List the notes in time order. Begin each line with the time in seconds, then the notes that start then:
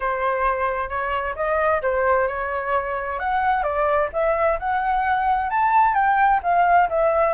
0.00 C5
0.89 C#5
1.35 D#5
1.82 C5
2.27 C#5
3.19 F#5
3.63 D5
4.12 E5
4.59 F#5
5.50 A5
5.94 G5
6.42 F5
6.89 E5